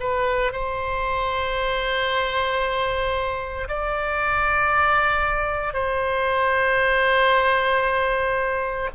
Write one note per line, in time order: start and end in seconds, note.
0.00 0.53 B4
0.53 3.68 C5
3.69 5.74 D5
5.74 8.90 C5